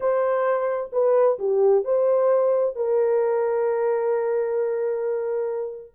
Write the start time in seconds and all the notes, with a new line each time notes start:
0.00 C5
0.92 B4
1.39 G4
1.84 C5
2.75 A#4